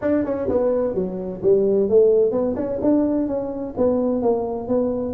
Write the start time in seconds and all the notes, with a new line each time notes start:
0.01 D4
0.25 C#4
0.48 B3
0.94 F#3
1.42 G3
1.89 A3
2.31 B3
2.55 C#4
2.81 D4
3.27 C#4
3.77 B3
4.22 A#3
4.67 B3